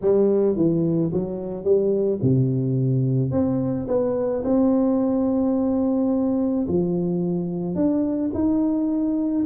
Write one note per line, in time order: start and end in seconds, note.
0.01 0.56 G3
0.56 1.11 E3
1.12 1.64 F#3
1.64 2.19 G3
2.22 3.31 C3
3.31 3.86 C4
3.87 4.43 B3
4.44 6.66 C4
6.67 7.75 F3
7.75 8.30 D4
8.33 9.44 D#4